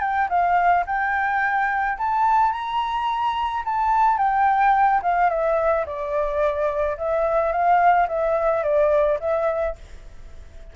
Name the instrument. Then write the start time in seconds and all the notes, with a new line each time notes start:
flute
0.00 G5
0.29 F5
0.86 G5
1.97 A5
2.52 A#5
3.64 A5
4.17 G5
5.02 F5
5.29 E5
5.86 D5
6.97 E5
7.52 F5
8.07 E5
8.63 D5
9.20 E5